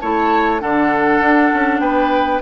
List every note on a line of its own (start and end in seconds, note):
0.00 0.62 A3
0.00 0.60 E4
0.00 0.62 C#5
0.00 0.60 A5
0.60 1.20 D3
0.60 2.42 D4
0.60 1.81 A4
0.60 1.80 F#5
1.20 1.51 D4
1.53 1.80 C#4
1.80 2.40 B3
1.80 2.42 B4
1.80 2.40 G5